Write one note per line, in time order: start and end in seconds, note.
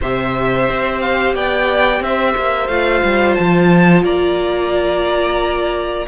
0.00 0.69 C3
0.00 2.69 G4
0.00 1.34 C5
0.00 1.00 E5
0.69 1.34 C4
1.00 1.34 F5
1.34 2.00 B3
1.34 2.02 D5
1.34 2.03 G5
2.00 2.34 C4
2.00 4.03 C5
2.00 2.67 E5
2.36 2.68 A#3
2.67 3.02 A3
2.67 6.06 F4
2.67 3.34 F5
3.03 3.37 G3
3.35 4.03 F3
3.35 4.02 A5
4.03 6.05 A#3
4.03 6.05 D5
4.03 6.06 A#5